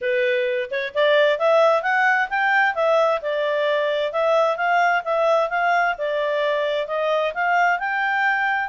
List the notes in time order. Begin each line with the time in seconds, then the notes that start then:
0.01 B4
0.70 C#5
0.94 D5
1.38 E5
1.82 F#5
2.29 G5
2.74 E5
3.21 D5
4.12 E5
4.56 F5
5.04 E5
5.49 F5
5.98 D5
6.87 D#5
7.33 F5
7.79 G5